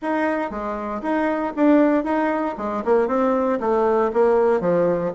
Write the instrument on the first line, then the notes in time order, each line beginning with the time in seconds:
bassoon
0.02 D#4
0.50 G#3
1.02 D#4
1.55 D4
2.03 D#4
2.57 G#3
2.84 A#3
3.07 C4
3.59 A3
4.13 A#3
4.60 F3